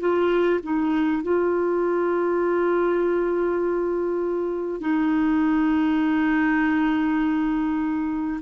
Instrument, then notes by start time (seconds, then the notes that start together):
clarinet
0.00 F4
0.63 D#4
1.23 F4
4.81 D#4